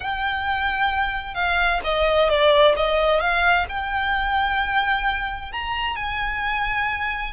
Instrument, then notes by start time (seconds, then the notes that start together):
violin
0.00 G5
1.34 F5
1.84 D#5
2.29 D5
2.76 D#5
3.20 F5
3.68 G5
5.51 A#5
5.95 G#5